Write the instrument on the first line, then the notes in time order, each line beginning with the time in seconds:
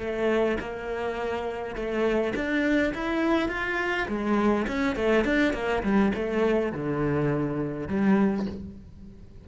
cello
0.00 A3
0.60 A#3
1.76 A3
2.35 D4
2.94 E4
3.49 F4
4.09 G#3
4.67 C#4
4.96 A3
5.25 D4
5.54 A#3
5.83 G3
6.15 A3
6.73 D3
7.88 G3